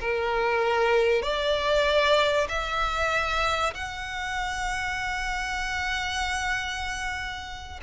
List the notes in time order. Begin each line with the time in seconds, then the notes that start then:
0.00 A#4
1.22 D5
2.48 E5
3.74 F#5